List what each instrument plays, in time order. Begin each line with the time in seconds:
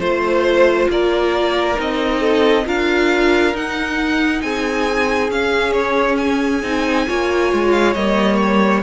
0.00 cello A3, viola F4, violin C5
0.90 cello A#3, violin A#4 D5
1.75 cello C4, viola D#4, violin D#5
2.20 violin A4
2.66 cello D4, viola F4, violin A#4 F5
3.54 viola D#4, cello D#4, violin F#5
4.42 cello C4, violin G#4 G#5
5.31 cello C#4, viola C#4, violin F5
5.73 violin C#5
6.18 violin G#5
6.63 cello C4, viola D#4
7.08 cello A#3, viola F4, violin C#5
7.53 cello G#3
7.72 violin F5
7.94 cello G3, viola A#3, violin D#5
8.37 violin C#5